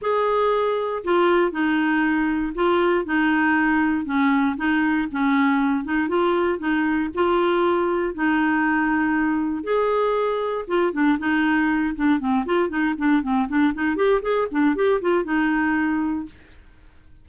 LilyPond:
\new Staff \with { instrumentName = "clarinet" } { \time 4/4 \tempo 4 = 118 gis'2 f'4 dis'4~ | dis'4 f'4 dis'2 | cis'4 dis'4 cis'4. dis'8 | f'4 dis'4 f'2 |
dis'2. gis'4~ | gis'4 f'8 d'8 dis'4. d'8 | c'8 f'8 dis'8 d'8 c'8 d'8 dis'8 g'8 | gis'8 d'8 g'8 f'8 dis'2 | }